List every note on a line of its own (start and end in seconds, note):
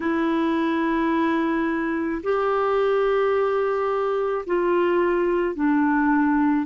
0.00 2.22 E4
2.23 4.45 G4
4.46 5.55 F4
5.55 6.66 D4